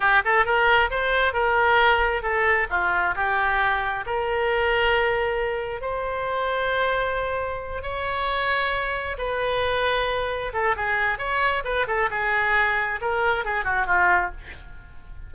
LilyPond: \new Staff \with { instrumentName = "oboe" } { \time 4/4 \tempo 4 = 134 g'8 a'8 ais'4 c''4 ais'4~ | ais'4 a'4 f'4 g'4~ | g'4 ais'2.~ | ais'4 c''2.~ |
c''4. cis''2~ cis''8~ | cis''8 b'2. a'8 | gis'4 cis''4 b'8 a'8 gis'4~ | gis'4 ais'4 gis'8 fis'8 f'4 | }